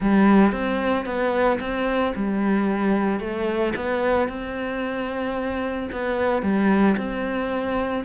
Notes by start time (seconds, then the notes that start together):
0.00 G3
0.51 C4
1.05 B3
1.59 C4
2.15 G3
3.19 A3
3.76 B3
4.28 C4
5.92 B3
6.42 G3
6.97 C4